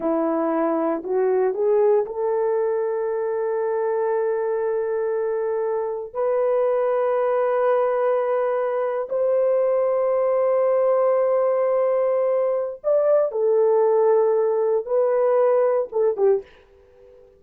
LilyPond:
\new Staff \with { instrumentName = "horn" } { \time 4/4 \tempo 4 = 117 e'2 fis'4 gis'4 | a'1~ | a'1 | b'1~ |
b'4.~ b'16 c''2~ c''16~ | c''1~ | c''4 d''4 a'2~ | a'4 b'2 a'8 g'8 | }